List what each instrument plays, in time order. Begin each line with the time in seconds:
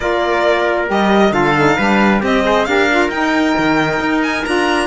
0.00 cello A#3, saxophone F4, trumpet A#4, violin D5
0.87 cello G3, saxophone G4, violin D#5
1.30 cello D3, saxophone F4, trumpet A4, violin F5
1.57 saxophone D#4
1.77 cello G3, saxophone D4, trumpet B4
2.20 saxophone C4, cello C4, trumpet G4, violin D#5
2.44 saxophone G#4, trumpet C5
2.65 cello D4, saxophone G4, trumpet A#4, violin F5
2.90 saxophone F4
3.09 cello D#4, saxophone D#4, violin G5
3.57 cello D#3
3.99 cello D#4
4.22 violin G#5
4.44 cello D4, saxophone F4, violin A#5